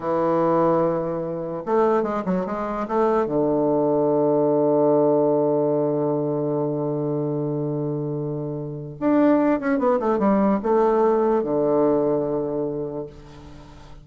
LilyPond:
\new Staff \with { instrumentName = "bassoon" } { \time 4/4 \tempo 4 = 147 e1 | a4 gis8 fis8 gis4 a4 | d1~ | d1~ |
d1~ | d2 d'4. cis'8 | b8 a8 g4 a2 | d1 | }